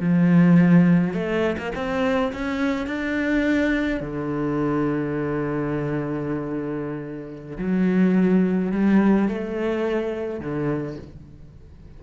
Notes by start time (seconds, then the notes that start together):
0.00 F3
1.14 A3
1.58 A#3
1.75 C4
2.33 C#4
2.87 D4
4.01 D3
7.58 F#3
8.71 G3
9.29 A3
10.40 D3